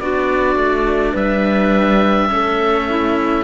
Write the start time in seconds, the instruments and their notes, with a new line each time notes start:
0.00 cello B3 D4, clarinet F#4, oboe D5
0.56 cello A3
1.12 cello G3, clarinet B4, oboe E5
2.29 cello A3 C#4, clarinet A4
2.89 clarinet E4